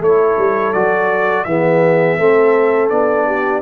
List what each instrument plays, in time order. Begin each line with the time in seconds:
0.00 tuba A3, trombone E4, horn A4, trumpet C#5
0.37 tuba G3
0.73 tuba F#3, trombone F#4, trumpet D5
1.44 tuba E3, trombone B3, horn G#4, trumpet E5
2.17 tuba A3, trombone C4, horn A4
2.89 tuba B3, trombone D4, trumpet D5
3.26 horn G4